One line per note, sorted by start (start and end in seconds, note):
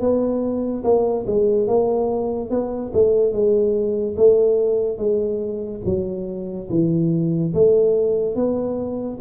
0.00 0.83 B3
0.84 1.26 A#3
1.27 1.68 G#3
1.68 2.50 A#3
2.50 2.92 B3
2.94 3.32 A3
3.32 4.16 G#3
4.17 4.98 A3
4.98 5.81 G#3
5.85 6.69 F#3
6.70 7.53 E3
7.54 8.36 A3
8.36 9.19 B3